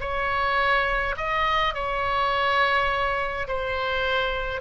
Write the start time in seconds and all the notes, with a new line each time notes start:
0.00 C#5
1.17 D#5
1.74 C#5
3.48 C5